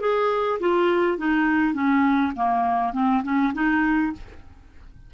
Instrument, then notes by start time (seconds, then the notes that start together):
clarinet
0.00 G#4
0.59 F4
1.17 D#4
1.74 C#4
2.35 A#3
2.93 C4
3.23 C#4
3.53 D#4